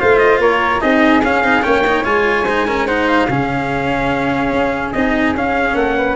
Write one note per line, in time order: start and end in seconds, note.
0.00 0.39 A3
0.00 0.82 F4
0.00 0.42 C5
0.00 0.19 F5
0.19 0.40 D#5
0.39 0.80 A#3
0.39 0.82 A#4
0.39 0.82 C#5
0.82 1.24 C4
0.82 1.23 D#4
0.82 1.64 G#4
0.82 1.23 D#5
1.24 1.43 C#4
1.24 1.44 C#4
1.24 1.64 F5
1.43 1.64 C4
1.43 1.62 D#4
1.62 2.05 A#3
1.62 1.83 C#4
1.62 2.46 C#5
1.62 2.05 G5
1.88 2.04 D#4
2.04 3.28 G#3
2.04 2.45 F4
2.04 2.87 G#5
2.46 2.68 D#4
2.46 2.66 C5
2.67 2.88 C#4
2.67 2.87 A#4
2.87 3.29 D#4
2.87 3.28 C5
2.87 3.08 F#5
3.08 4.93 F5
3.29 4.52 C#3
3.29 4.95 C#4
3.29 5.76 G#4
4.52 4.93 C#4
4.93 5.35 C4
4.93 5.36 D#4
4.93 5.34 D#5
5.35 5.75 C#4
5.35 6.17 C#4
5.35 5.76 F5
5.75 6.16 A#3
5.75 5.96 A4
5.75 6.17 F#5
5.97 6.17 B4